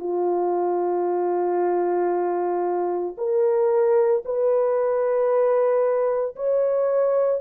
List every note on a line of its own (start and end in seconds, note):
0.00 3.16 F4
3.18 4.23 A#4
4.25 6.36 B4
6.36 7.41 C#5